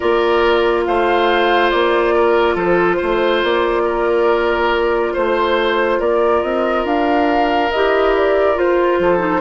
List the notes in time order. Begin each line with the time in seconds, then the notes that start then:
0.00 A#3 F4 A#4 D5
0.85 A3 C5 F5
1.70 A#3 D5
2.14 A#4
2.55 F3 A4 C5
2.96 C5
3.02 A3
3.43 A#3 D5
3.84 A#4
5.13 A3 C5
5.99 A#3 A#4 D5
6.42 C4 D#5
6.84 D4 F5
7.71 E4 G4 D#5
8.16 D5
8.55 F4 C5
8.99 F3 A4
9.18 D#4